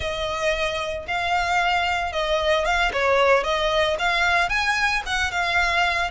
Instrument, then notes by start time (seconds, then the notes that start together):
violin
0.00 D#5
1.07 F5
2.12 D#5
2.65 F5
2.93 C#5
3.43 D#5
3.98 F5
4.49 G#5
5.06 F#5
5.31 F5